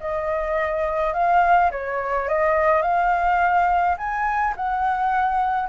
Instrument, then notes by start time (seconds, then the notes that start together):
flute
0.00 D#5
1.14 F5
1.72 C#5
2.29 D#5
2.82 F5
3.98 G#5
4.57 F#5